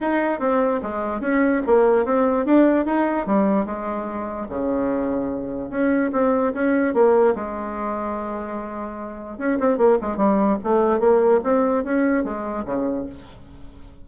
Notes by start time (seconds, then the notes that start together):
0.01 D#4
0.39 C4
0.82 G#3
1.20 C#4
1.66 A#3
2.05 C4
2.45 D4
2.85 D#4
3.26 G3
3.65 G#3
4.48 C#3
5.70 C#4
6.12 C4
6.53 C#4
6.94 A#3
7.35 G#3
9.38 C#4
9.59 C4
9.77 A#3
10.01 G#3
10.16 G3
10.63 A3
10.99 A#3
11.43 C4
11.83 C#4
12.23 G#3
12.65 C#3